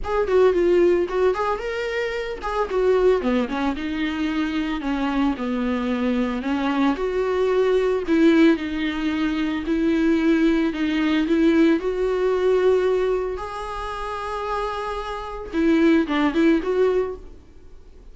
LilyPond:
\new Staff \with { instrumentName = "viola" } { \time 4/4 \tempo 4 = 112 gis'8 fis'8 f'4 fis'8 gis'8 ais'4~ | ais'8 gis'8 fis'4 b8 cis'8 dis'4~ | dis'4 cis'4 b2 | cis'4 fis'2 e'4 |
dis'2 e'2 | dis'4 e'4 fis'2~ | fis'4 gis'2.~ | gis'4 e'4 d'8 e'8 fis'4 | }